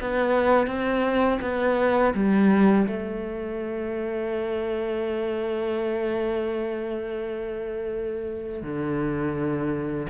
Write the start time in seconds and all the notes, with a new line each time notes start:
0.00 B3
0.66 C4
1.41 B3
2.14 G3
2.87 A3
8.62 D3